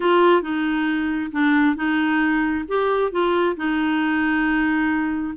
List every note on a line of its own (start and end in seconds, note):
0.00 0.42 F4
0.42 1.31 D#4
1.32 1.76 D4
1.76 2.64 D#4
2.67 3.11 G4
3.11 3.56 F4
3.56 5.34 D#4